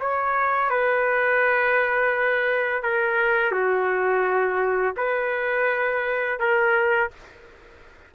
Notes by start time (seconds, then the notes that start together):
0.00 C#5
0.69 B4
2.82 A#4
3.51 F#4
4.96 B4
6.39 A#4